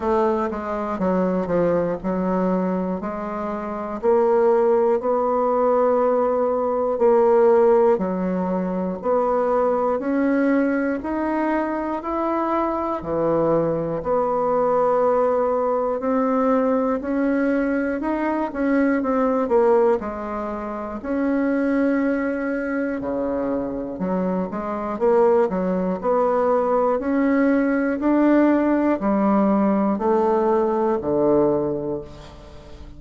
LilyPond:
\new Staff \with { instrumentName = "bassoon" } { \time 4/4 \tempo 4 = 60 a8 gis8 fis8 f8 fis4 gis4 | ais4 b2 ais4 | fis4 b4 cis'4 dis'4 | e'4 e4 b2 |
c'4 cis'4 dis'8 cis'8 c'8 ais8 | gis4 cis'2 cis4 | fis8 gis8 ais8 fis8 b4 cis'4 | d'4 g4 a4 d4 | }